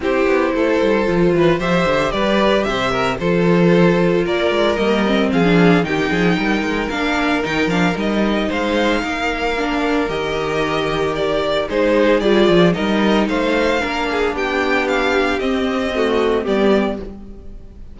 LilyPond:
<<
  \new Staff \with { instrumentName = "violin" } { \time 4/4 \tempo 4 = 113 c''2. e''4 | d''4 e''4 c''2 | d''4 dis''4 f''4 g''4~ | g''4 f''4 g''8 f''8 dis''4 |
f''2. dis''4~ | dis''4 d''4 c''4 d''4 | dis''4 f''2 g''4 | f''4 dis''2 d''4 | }
  \new Staff \with { instrumentName = "violin" } { \time 4/4 g'4 a'4. b'8 c''4 | b'4 c''8 ais'8 a'2 | ais'2 gis'4 g'8 gis'8 | ais'1 |
c''4 ais'2.~ | ais'2 gis'2 | ais'4 c''4 ais'8 gis'8 g'4~ | g'2 fis'4 g'4 | }
  \new Staff \with { instrumentName = "viola" } { \time 4/4 e'2 f'4 g'4~ | g'2 f'2~ | f'4 ais8 c'8. d'8. dis'4~ | dis'4 d'4 dis'8 d'8 dis'4~ |
dis'2 d'4 g'4~ | g'2 dis'4 f'4 | dis'2 d'2~ | d'4 c'4 a4 b4 | }
  \new Staff \with { instrumentName = "cello" } { \time 4/4 c'8 b8 a8 g8 f8 e8 f8 d8 | g4 c4 f2 | ais8 gis8 g4 f4 dis8 f8 | g8 gis8 ais4 dis8 f8 g4 |
gis4 ais2 dis4~ | dis2 gis4 g8 f8 | g4 a4 ais4 b4~ | b4 c'2 g4 | }
>>